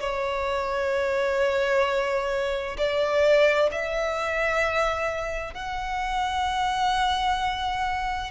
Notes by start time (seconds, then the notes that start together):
0.00 C#5
2.78 D5
3.72 E5
5.54 F#5